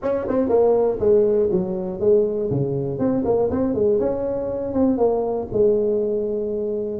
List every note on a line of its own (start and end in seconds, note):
0.02 0.27 C#4
0.28 0.48 C4
0.48 0.98 A#3
0.99 1.49 G#3
1.51 2.00 F#3
2.00 2.50 G#3
2.50 2.98 C#3
2.98 3.23 C4
3.24 3.49 A#3
3.50 3.74 C4
3.74 3.99 G#3
3.99 4.73 C#4
4.73 4.97 C4
4.97 5.47 A#3
5.52 7.00 G#3